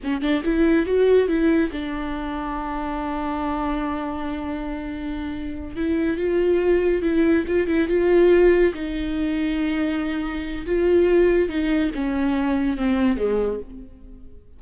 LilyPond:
\new Staff \with { instrumentName = "viola" } { \time 4/4 \tempo 4 = 141 cis'8 d'8 e'4 fis'4 e'4 | d'1~ | d'1~ | d'4. e'4 f'4.~ |
f'8 e'4 f'8 e'8 f'4.~ | f'8 dis'2.~ dis'8~ | dis'4 f'2 dis'4 | cis'2 c'4 gis4 | }